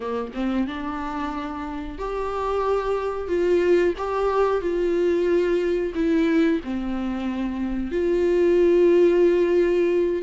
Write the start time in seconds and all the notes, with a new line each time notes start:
0.00 A#3
0.34 C4
0.67 D4
1.98 G4
3.28 F4
3.97 G4
4.61 F4
5.94 E4
6.64 C4
7.91 F4